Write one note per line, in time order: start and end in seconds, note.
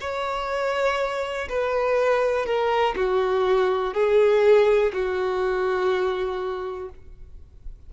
0.00 1.48 C#5
1.49 2.45 B4
2.45 2.95 A#4
2.95 3.93 F#4
3.93 4.92 G#4
4.92 6.89 F#4